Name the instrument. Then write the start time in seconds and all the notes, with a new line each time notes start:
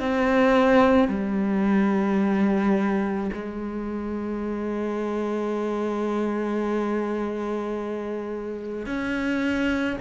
cello
0.00 C4
1.09 G3
3.33 G#3
8.86 C#4